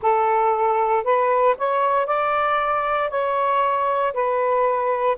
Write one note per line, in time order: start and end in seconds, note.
0.01 1.03 A4
1.03 1.55 B4
1.58 2.06 C#5
2.06 3.09 D5
3.09 4.13 C#5
4.13 5.17 B4